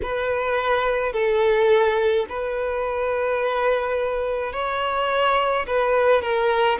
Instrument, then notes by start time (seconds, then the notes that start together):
violin
0.02 B4
1.13 A4
2.29 B4
4.52 C#5
5.66 B4
6.22 A#4